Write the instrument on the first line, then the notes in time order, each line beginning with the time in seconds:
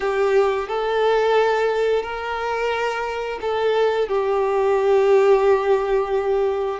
violin
0.00 G4
0.68 A4
2.03 A#4
3.41 A4
4.08 G4